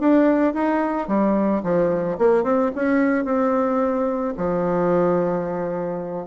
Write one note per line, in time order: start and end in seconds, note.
0.00 0.54 D4
0.54 1.08 D#4
1.08 1.63 G3
1.63 2.18 F3
2.18 2.44 A#3
2.44 2.71 C4
2.76 3.25 C#4
3.25 4.34 C4
4.37 6.27 F3